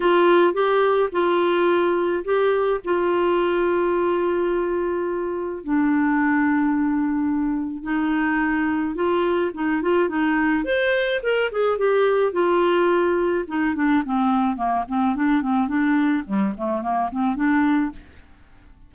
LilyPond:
\new Staff \with { instrumentName = "clarinet" } { \time 4/4 \tempo 4 = 107 f'4 g'4 f'2 | g'4 f'2.~ | f'2 d'2~ | d'2 dis'2 |
f'4 dis'8 f'8 dis'4 c''4 | ais'8 gis'8 g'4 f'2 | dis'8 d'8 c'4 ais8 c'8 d'8 c'8 | d'4 g8 a8 ais8 c'8 d'4 | }